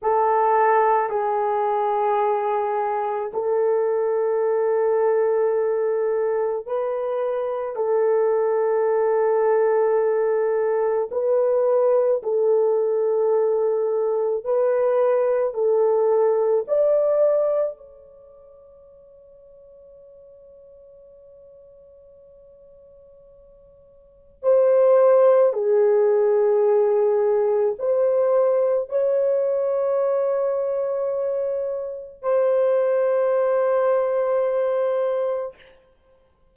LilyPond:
\new Staff \with { instrumentName = "horn" } { \time 4/4 \tempo 4 = 54 a'4 gis'2 a'4~ | a'2 b'4 a'4~ | a'2 b'4 a'4~ | a'4 b'4 a'4 d''4 |
cis''1~ | cis''2 c''4 gis'4~ | gis'4 c''4 cis''2~ | cis''4 c''2. | }